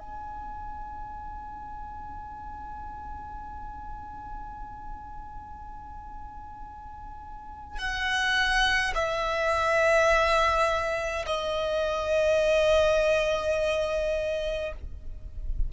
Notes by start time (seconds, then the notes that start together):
0.00 G#5
7.79 F#5
8.95 E5
11.27 D#5